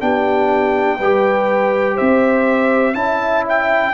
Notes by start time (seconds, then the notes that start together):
0.00 B3 D4 G4 G5
0.98 G3 G4 B4
1.95 C4 C5 E5
2.94 C#4 E4 E5 A5
3.49 G5